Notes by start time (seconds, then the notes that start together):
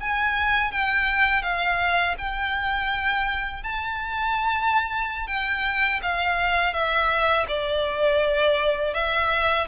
0.00 G#5
0.72 G5
1.42 F5
2.18 G5
3.63 A5
5.27 G5
6.02 F5
6.73 E5
7.48 D5
8.94 E5